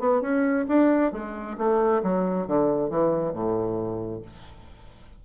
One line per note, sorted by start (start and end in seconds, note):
0.00 0.22 B3
0.22 0.66 C#4
0.68 1.13 D4
1.13 1.57 G#3
1.58 2.02 A3
2.03 2.47 F#3
2.47 2.90 D3
2.90 3.34 E3
3.34 4.22 A2